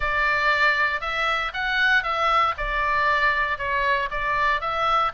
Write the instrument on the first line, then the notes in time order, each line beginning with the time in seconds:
oboe
0.00 D5
1.00 E5
1.53 F#5
2.03 E5
2.57 D5
3.58 C#5
4.10 D5
4.60 E5